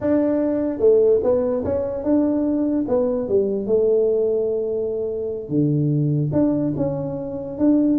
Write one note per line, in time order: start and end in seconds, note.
0.01 0.79 D4
0.79 1.20 A3
1.23 1.63 B3
1.64 2.03 C#4
2.03 2.85 D4
2.88 3.28 B3
3.28 3.66 G3
3.66 5.48 A3
5.48 6.30 D3
6.32 6.73 D4
6.76 7.58 C#4
7.58 7.98 D4